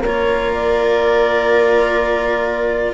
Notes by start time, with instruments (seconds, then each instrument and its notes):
0.00 bassoon A#3, cello F4, viola A#4, clarinet C#5
0.54 clarinet D5